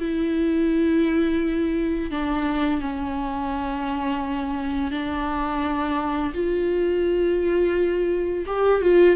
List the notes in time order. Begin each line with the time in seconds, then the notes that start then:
0.00 E4
2.11 D4
2.81 C#4
4.92 D4
6.34 F4
8.47 G4
8.82 F4